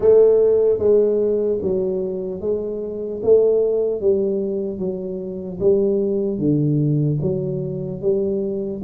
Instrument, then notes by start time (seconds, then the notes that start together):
tuba
0.00 A3
0.78 G#3
1.61 F#3
2.40 G#3
3.23 A3
4.00 G3
4.78 F#3
5.60 G3
6.38 D3
7.21 F#3
8.01 G3